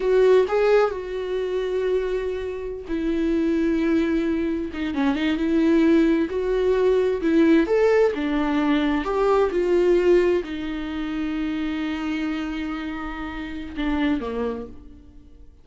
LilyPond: \new Staff \with { instrumentName = "viola" } { \time 4/4 \tempo 4 = 131 fis'4 gis'4 fis'2~ | fis'2~ fis'16 e'4.~ e'16~ | e'2~ e'16 dis'8 cis'8 dis'8 e'16~ | e'4.~ e'16 fis'2 e'16~ |
e'8. a'4 d'2 g'16~ | g'8. f'2 dis'4~ dis'16~ | dis'1~ | dis'2 d'4 ais4 | }